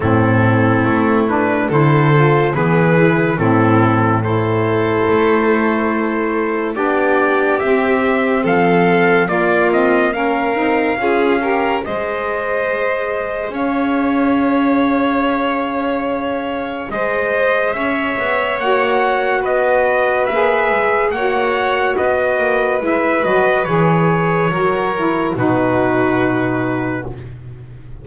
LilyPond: <<
  \new Staff \with { instrumentName = "trumpet" } { \time 4/4 \tempo 4 = 71 a'4. b'8 c''4 b'4 | a'4 c''2. | d''4 e''4 f''4 d''8 dis''8 | f''2 dis''2 |
f''1 | dis''4 e''4 fis''4 dis''4 | e''4 fis''4 dis''4 e''8 dis''8 | cis''2 b'2 | }
  \new Staff \with { instrumentName = "violin" } { \time 4/4 e'2 a'4 gis'4 | e'4 a'2. | g'2 a'4 f'4 | ais'4 gis'8 ais'8 c''2 |
cis''1 | c''4 cis''2 b'4~ | b'4 cis''4 b'2~ | b'4 ais'4 fis'2 | }
  \new Staff \with { instrumentName = "saxophone" } { \time 4/4 c'4. d'8 e'8 f'8 b8 e'8 | c'4 e'2. | d'4 c'2 ais8 c'8 | cis'8 dis'8 f'8 g'8 gis'2~ |
gis'1~ | gis'2 fis'2 | gis'4 fis'2 e'8 fis'8 | gis'4 fis'8 e'8 dis'2 | }
  \new Staff \with { instrumentName = "double bass" } { \time 4/4 a,4 a4 d4 e4 | a,2 a2 | b4 c'4 f4 ais4~ | ais8 c'8 cis'4 gis2 |
cis'1 | gis4 cis'8 b8 ais4 b4 | ais8 gis8 ais4 b8 ais8 gis8 fis8 | e4 fis4 b,2 | }
>>